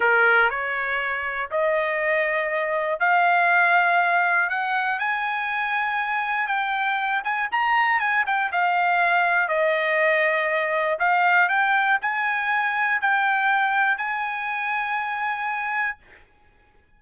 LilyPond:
\new Staff \with { instrumentName = "trumpet" } { \time 4/4 \tempo 4 = 120 ais'4 cis''2 dis''4~ | dis''2 f''2~ | f''4 fis''4 gis''2~ | gis''4 g''4. gis''8 ais''4 |
gis''8 g''8 f''2 dis''4~ | dis''2 f''4 g''4 | gis''2 g''2 | gis''1 | }